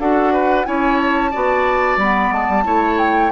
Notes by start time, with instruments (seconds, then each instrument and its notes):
0.00 bassoon D4, clarinet F#4, oboe A4, flute F#5
0.33 oboe B4
0.65 bassoon C#4, clarinet E4, oboe C#5, flute G#5
0.98 flute A5
1.31 bassoon B3, clarinet F#4, oboe D5
1.97 bassoon G3, clarinet B3, flute B5
2.32 bassoon G#3, flute A5
2.49 bassoon G3
2.65 bassoon A3, clarinet E4, oboe C#5
2.99 flute G5